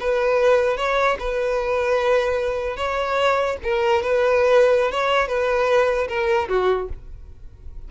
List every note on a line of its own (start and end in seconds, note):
0.00 0.77 B4
0.77 1.17 C#5
1.19 2.76 B4
2.76 3.56 C#5
3.63 4.02 A#4
4.02 4.91 B4
4.91 5.28 C#5
5.28 6.08 B4
6.08 6.48 A#4
6.49 6.89 F#4